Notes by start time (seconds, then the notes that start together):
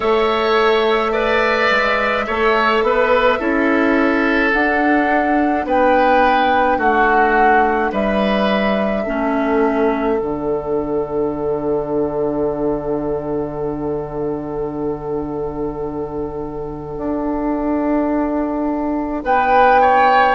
0.00 A3 A4 C#5 E5
1.12 B4 D5
1.70 G#3
2.26 A3 A4 C#5
2.82 B3 B4
3.39 C#4 E4 A4
4.53 D4 F#5
5.65 B3 B4 G5
6.77 A3 F#4 F#5
7.92 G3 B4 E5
9.03 A3 C#4 A4
10.18 D3 D4 F#5
16.97 D4
19.23 B3 B4 G5
19.81 C#5